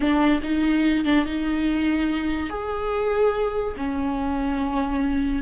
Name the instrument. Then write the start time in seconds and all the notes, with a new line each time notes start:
viola
0.00 D4
0.42 D#4
1.05 D4
1.25 D#4
2.49 G#4
3.76 C#4